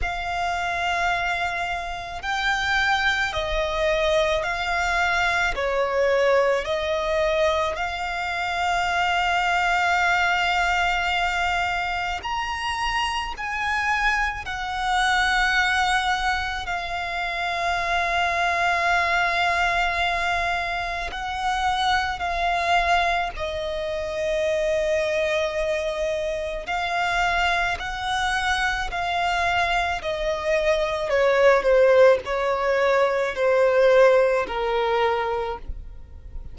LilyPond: \new Staff \with { instrumentName = "violin" } { \time 4/4 \tempo 4 = 54 f''2 g''4 dis''4 | f''4 cis''4 dis''4 f''4~ | f''2. ais''4 | gis''4 fis''2 f''4~ |
f''2. fis''4 | f''4 dis''2. | f''4 fis''4 f''4 dis''4 | cis''8 c''8 cis''4 c''4 ais'4 | }